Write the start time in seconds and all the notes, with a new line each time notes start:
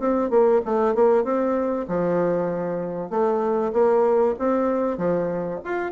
0.00 C4
0.30 A#3
0.65 A3
0.95 A#3
1.24 C4
1.88 F3
3.10 A3
3.73 A#3
4.39 C4
4.98 F3
5.64 F4